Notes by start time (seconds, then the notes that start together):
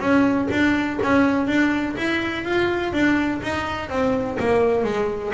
0.00 C#4
0.51 D4
1.03 C#4
1.47 D4
1.98 E4
2.45 F4
2.93 D4
3.43 D#4
3.90 C4
4.40 A#3
4.84 G#3